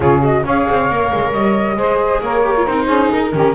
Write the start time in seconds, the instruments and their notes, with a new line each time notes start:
0.00 double bass C#3, viola F4, saxophone G#4, flute C#5
0.22 viola F#4, flute D#5
0.45 double bass C#4, viola G#4, saxophone C#5, flute F5
0.69 double bass C4
0.89 double bass A#3, viola A#4
1.13 double bass G#3
1.32 double bass G3, flute D#5
1.76 double bass G#3, viola G#4, saxophone C5
2.21 double bass A#3, saxophone A#4, flute C#5
2.44 viola G4
2.57 viola F4
2.66 double bass C4, viola D#4, flute C5
2.86 double bass C#4, saxophone G#4
3.11 double bass D#4, flute A#4
3.32 double bass D#3, viola C#4, saxophone G4